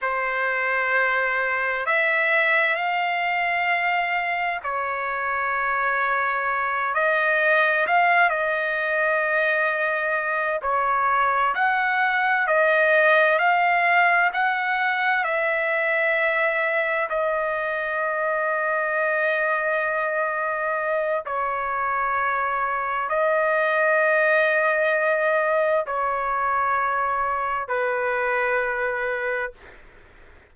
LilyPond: \new Staff \with { instrumentName = "trumpet" } { \time 4/4 \tempo 4 = 65 c''2 e''4 f''4~ | f''4 cis''2~ cis''8 dis''8~ | dis''8 f''8 dis''2~ dis''8 cis''8~ | cis''8 fis''4 dis''4 f''4 fis''8~ |
fis''8 e''2 dis''4.~ | dis''2. cis''4~ | cis''4 dis''2. | cis''2 b'2 | }